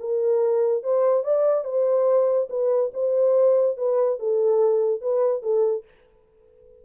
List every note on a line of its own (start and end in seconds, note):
0.00 0.83 A#4
0.83 1.24 C5
1.24 1.64 D5
1.64 2.48 C5
2.50 2.92 B4
2.94 3.77 C5
3.77 4.19 B4
4.19 5.01 A4
5.01 5.43 B4
5.43 5.85 A4